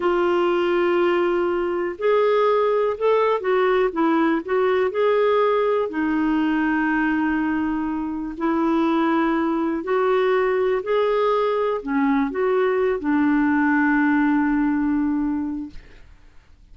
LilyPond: \new Staff \with { instrumentName = "clarinet" } { \time 4/4 \tempo 4 = 122 f'1 | gis'2 a'4 fis'4 | e'4 fis'4 gis'2 | dis'1~ |
dis'4 e'2. | fis'2 gis'2 | cis'4 fis'4. d'4.~ | d'1 | }